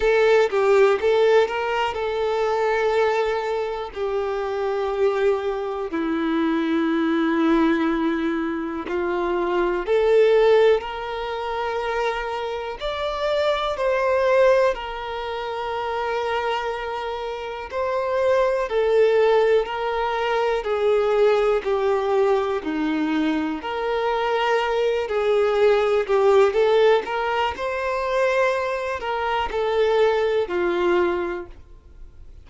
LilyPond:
\new Staff \with { instrumentName = "violin" } { \time 4/4 \tempo 4 = 61 a'8 g'8 a'8 ais'8 a'2 | g'2 e'2~ | e'4 f'4 a'4 ais'4~ | ais'4 d''4 c''4 ais'4~ |
ais'2 c''4 a'4 | ais'4 gis'4 g'4 dis'4 | ais'4. gis'4 g'8 a'8 ais'8 | c''4. ais'8 a'4 f'4 | }